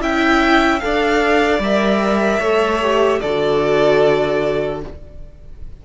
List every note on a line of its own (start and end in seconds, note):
0.00 0.81 C#4
0.00 0.80 E4
0.00 0.82 E5
0.00 0.80 G5
0.80 1.59 D4
0.80 1.61 A4
0.80 2.40 D5
0.80 1.60 F5
1.59 2.39 G3
1.59 2.43 A#4
1.59 3.21 E5
2.40 3.20 A3
2.40 2.82 A4
2.40 3.20 C#5
2.82 3.22 G4
3.21 4.83 D3
3.21 4.85 F#4
3.21 4.82 A4
3.21 4.81 D5